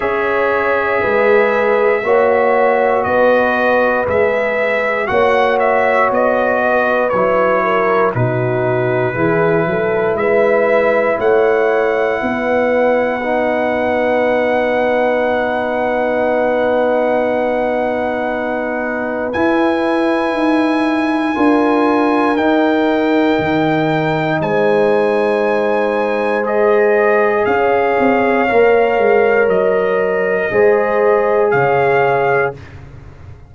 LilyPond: <<
  \new Staff \with { instrumentName = "trumpet" } { \time 4/4 \tempo 4 = 59 e''2. dis''4 | e''4 fis''8 e''8 dis''4 cis''4 | b'2 e''4 fis''4~ | fis''1~ |
fis''2. gis''4~ | gis''2 g''2 | gis''2 dis''4 f''4~ | f''4 dis''2 f''4 | }
  \new Staff \with { instrumentName = "horn" } { \time 4/4 cis''4 b'4 cis''4 b'4~ | b'4 cis''4. b'4 ais'8 | fis'4 gis'8 a'8 b'4 cis''4 | b'1~ |
b'1~ | b'4 ais'2. | c''2. cis''4~ | cis''2 c''4 cis''4 | }
  \new Staff \with { instrumentName = "trombone" } { \time 4/4 gis'2 fis'2 | gis'4 fis'2 e'4 | dis'4 e'2.~ | e'4 dis'2.~ |
dis'2. e'4~ | e'4 f'4 dis'2~ | dis'2 gis'2 | ais'2 gis'2 | }
  \new Staff \with { instrumentName = "tuba" } { \time 4/4 cis'4 gis4 ais4 b4 | gis4 ais4 b4 fis4 | b,4 e8 fis8 gis4 a4 | b1~ |
b2. e'4 | dis'4 d'4 dis'4 dis4 | gis2. cis'8 c'8 | ais8 gis8 fis4 gis4 cis4 | }
>>